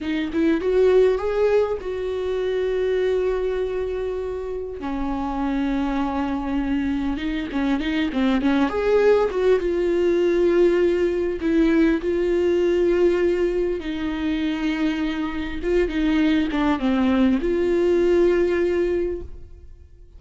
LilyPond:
\new Staff \with { instrumentName = "viola" } { \time 4/4 \tempo 4 = 100 dis'8 e'8 fis'4 gis'4 fis'4~ | fis'1 | cis'1 | dis'8 cis'8 dis'8 c'8 cis'8 gis'4 fis'8 |
f'2. e'4 | f'2. dis'4~ | dis'2 f'8 dis'4 d'8 | c'4 f'2. | }